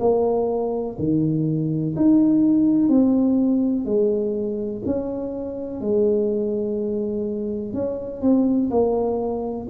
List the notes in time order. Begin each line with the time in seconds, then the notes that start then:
0.00 A#3
0.99 D#3
1.97 D#4
2.89 C4
3.86 G#3
4.86 C#4
5.81 G#3
7.74 C#4
8.22 C4
8.71 A#3